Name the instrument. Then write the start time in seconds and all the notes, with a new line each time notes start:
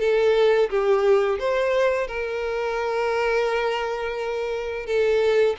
violin
0.00 A4
0.70 G4
1.39 C5
2.08 A#4
4.86 A4